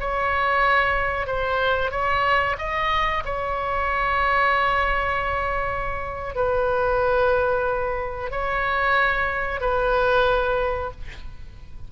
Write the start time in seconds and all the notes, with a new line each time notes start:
0.00 C#5
1.27 C5
1.92 C#5
2.58 D#5
3.25 C#5
6.36 B4
8.31 C#5
9.61 B4